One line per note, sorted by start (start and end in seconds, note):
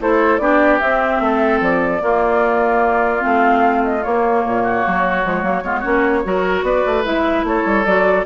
0.00 0.39 A3
0.00 0.40 E4
0.00 0.41 A4
0.00 0.38 C5
0.38 0.79 B3
0.38 0.80 D4
0.38 1.22 G4
0.38 0.78 D5
0.79 1.20 C4
0.79 2.00 C4
0.79 1.60 E5
1.20 1.60 A3
1.20 2.02 A4
1.60 2.01 F3
1.60 3.23 D5
2.00 3.20 A#3
2.00 3.23 A#3
2.00 4.63 F4
3.20 4.05 A3
3.20 4.00 C4
3.20 3.83 F5
3.84 4.04 D#5
4.04 5.23 A#3
4.04 4.45 A#3
4.04 6.64 C#5
4.45 4.85 A#2
4.63 5.64 F#4
4.87 5.25 F#3
5.23 5.43 F3
5.23 5.42 G#3
5.42 5.63 F#3
5.42 5.63 A#3
5.64 5.84 G#3
5.64 5.83 B3
5.64 5.80 F4
5.80 6.25 A#3
5.80 6.24 C#4
5.80 6.20 F#4
6.24 6.63 F#3
6.24 7.04 F#4
6.24 6.65 A#4
6.63 6.83 B3
6.63 7.46 B4
6.63 7.04 D5
6.86 7.05 A3
7.04 7.44 G#3
7.04 7.84 E4
7.04 7.45 E5
7.44 7.64 A3
7.44 8.26 A4
7.44 7.85 C#5
7.65 7.85 G3
7.85 8.26 F#3
7.85 8.26 F#4
7.85 8.25 D5